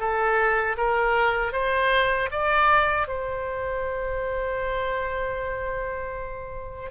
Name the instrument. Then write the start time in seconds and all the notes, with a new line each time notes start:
oboe
0.00 A4
0.78 A#4
1.53 C5
2.31 D5
3.08 C5